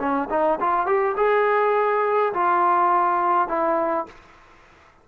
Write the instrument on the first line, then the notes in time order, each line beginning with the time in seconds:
trombone
0.00 C#4
0.30 D#4
0.60 F4
0.87 G4
1.17 G#4
2.34 F4
3.48 E4